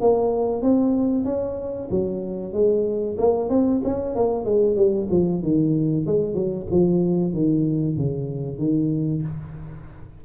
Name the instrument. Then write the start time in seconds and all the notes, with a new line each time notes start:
tuba
0.00 A#3
0.62 C4
1.24 C#4
1.90 F#3
2.52 G#3
3.18 A#3
3.49 C4
3.84 C#4
4.15 A#3
4.45 G#3
4.76 G3
5.10 F3
5.42 D#3
6.06 G#3
6.34 F#3
6.71 F3
7.33 D#3
7.97 C#3
8.58 D#3